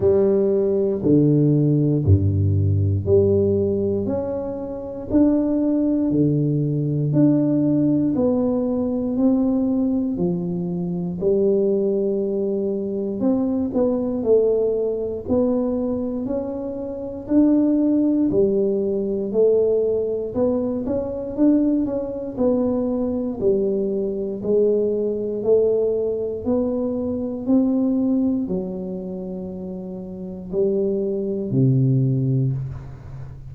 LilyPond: \new Staff \with { instrumentName = "tuba" } { \time 4/4 \tempo 4 = 59 g4 d4 g,4 g4 | cis'4 d'4 d4 d'4 | b4 c'4 f4 g4~ | g4 c'8 b8 a4 b4 |
cis'4 d'4 g4 a4 | b8 cis'8 d'8 cis'8 b4 g4 | gis4 a4 b4 c'4 | fis2 g4 c4 | }